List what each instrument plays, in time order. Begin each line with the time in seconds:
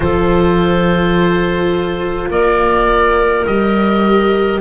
0.00 double bass F3, viola F4, clarinet A4, oboe C5
2.30 double bass A#3, clarinet A#4, oboe D5
3.46 double bass G3, viola G4, oboe D#5